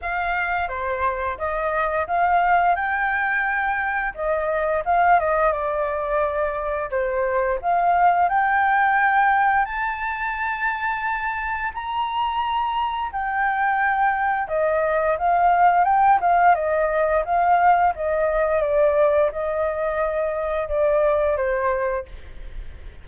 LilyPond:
\new Staff \with { instrumentName = "flute" } { \time 4/4 \tempo 4 = 87 f''4 c''4 dis''4 f''4 | g''2 dis''4 f''8 dis''8 | d''2 c''4 f''4 | g''2 a''2~ |
a''4 ais''2 g''4~ | g''4 dis''4 f''4 g''8 f''8 | dis''4 f''4 dis''4 d''4 | dis''2 d''4 c''4 | }